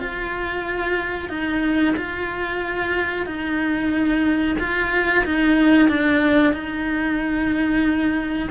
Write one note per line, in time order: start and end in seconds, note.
0.00 1.30 F4
1.30 1.95 D#4
1.97 3.26 F4
3.26 4.57 D#4
4.59 5.25 F4
5.25 5.89 D#4
5.89 6.53 D4
6.53 8.49 D#4